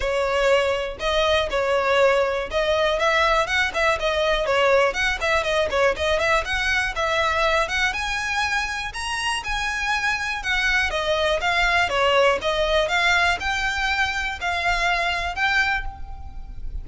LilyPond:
\new Staff \with { instrumentName = "violin" } { \time 4/4 \tempo 4 = 121 cis''2 dis''4 cis''4~ | cis''4 dis''4 e''4 fis''8 e''8 | dis''4 cis''4 fis''8 e''8 dis''8 cis''8 | dis''8 e''8 fis''4 e''4. fis''8 |
gis''2 ais''4 gis''4~ | gis''4 fis''4 dis''4 f''4 | cis''4 dis''4 f''4 g''4~ | g''4 f''2 g''4 | }